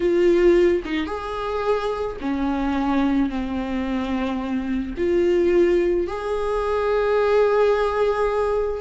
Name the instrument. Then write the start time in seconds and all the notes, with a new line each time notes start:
viola
0.00 F4
0.85 D#4
1.06 G#4
2.20 C#4
3.29 C4
4.97 F4
6.07 G#4